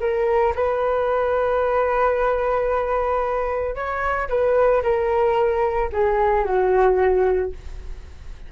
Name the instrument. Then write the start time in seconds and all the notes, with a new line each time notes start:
flute
0.00 A#4
0.55 B4
3.75 C#5
4.29 B4
4.83 A#4
5.92 G#4
6.45 F#4